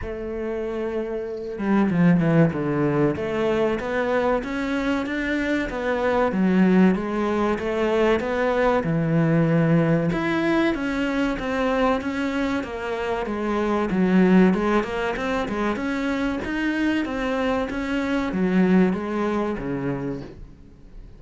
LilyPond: \new Staff \with { instrumentName = "cello" } { \time 4/4 \tempo 4 = 95 a2~ a8 g8 f8 e8 | d4 a4 b4 cis'4 | d'4 b4 fis4 gis4 | a4 b4 e2 |
e'4 cis'4 c'4 cis'4 | ais4 gis4 fis4 gis8 ais8 | c'8 gis8 cis'4 dis'4 c'4 | cis'4 fis4 gis4 cis4 | }